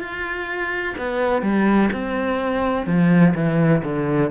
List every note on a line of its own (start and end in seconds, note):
0.00 0.95 F4
0.98 1.42 B3
1.42 1.90 G3
1.93 2.87 C4
2.87 3.34 F3
3.35 3.82 E3
3.84 4.31 D3